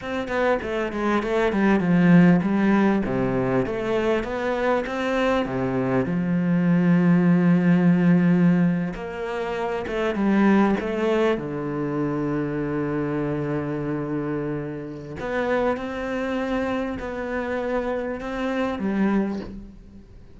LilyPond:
\new Staff \with { instrumentName = "cello" } { \time 4/4 \tempo 4 = 99 c'8 b8 a8 gis8 a8 g8 f4 | g4 c4 a4 b4 | c'4 c4 f2~ | f2~ f8. ais4~ ais16~ |
ais16 a8 g4 a4 d4~ d16~ | d1~ | d4 b4 c'2 | b2 c'4 g4 | }